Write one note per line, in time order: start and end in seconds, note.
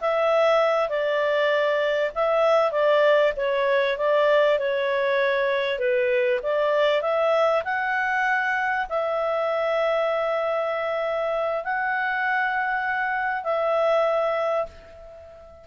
0.00 0.89 E5
0.89 2.11 D5
2.15 2.71 E5
2.71 3.33 D5
3.36 3.97 C#5
3.97 4.58 D5
4.58 5.78 C#5
5.78 6.40 B4
6.42 7.01 D5
7.01 7.62 E5
7.64 8.86 F#5
8.89 11.64 E5
11.64 13.43 F#5
13.43 14.65 E5